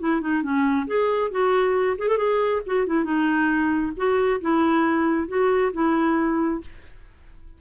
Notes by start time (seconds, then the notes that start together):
0.00 E4
0.21 D#4
0.43 C#4
0.87 G#4
1.31 F#4
1.98 G#4
2.08 A4
2.18 G#4
2.67 F#4
2.87 E4
3.04 D#4
3.97 F#4
4.41 E4
5.28 F#4
5.73 E4